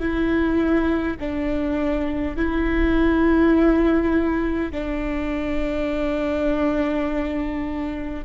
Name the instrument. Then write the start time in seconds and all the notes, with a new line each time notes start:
viola
0.00 E4
1.20 D4
2.37 E4
4.72 D4